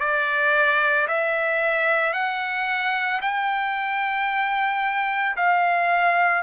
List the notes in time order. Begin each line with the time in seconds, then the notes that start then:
0.00 D5
1.08 E5
2.13 F#5
3.21 G5
5.36 F5